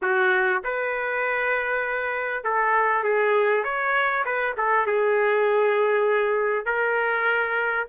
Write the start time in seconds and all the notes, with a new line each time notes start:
0.02 F#4
0.64 B4
2.44 A4
3.03 G#4
3.64 C#5
4.25 B4
4.57 A4
4.86 G#4
6.65 A#4